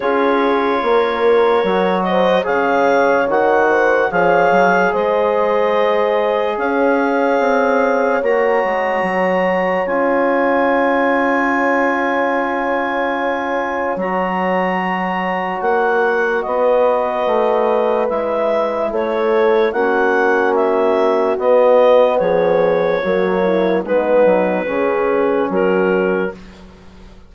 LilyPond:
<<
  \new Staff \with { instrumentName = "clarinet" } { \time 4/4 \tempo 4 = 73 cis''2~ cis''8 dis''8 f''4 | fis''4 f''4 dis''2 | f''2 ais''2 | gis''1~ |
gis''4 ais''2 fis''4 | dis''2 e''4 cis''4 | fis''4 e''4 dis''4 cis''4~ | cis''4 b'2 ais'4 | }
  \new Staff \with { instrumentName = "horn" } { \time 4/4 gis'4 ais'4. c''8 cis''4~ | cis''8 c''8 cis''4 c''2 | cis''1~ | cis''1~ |
cis''1 | b'2. a'4 | fis'2. gis'4 | fis'8 e'8 dis'4 gis'4 fis'4 | }
  \new Staff \with { instrumentName = "trombone" } { \time 4/4 f'2 fis'4 gis'4 | fis'4 gis'2.~ | gis'2 fis'2 | f'1~ |
f'4 fis'2.~ | fis'2 e'2 | cis'2 b2 | ais4 b4 cis'2 | }
  \new Staff \with { instrumentName = "bassoon" } { \time 4/4 cis'4 ais4 fis4 cis4 | dis4 f8 fis8 gis2 | cis'4 c'4 ais8 gis8 fis4 | cis'1~ |
cis'4 fis2 ais4 | b4 a4 gis4 a4 | ais2 b4 f4 | fis4 gis8 fis8 cis4 fis4 | }
>>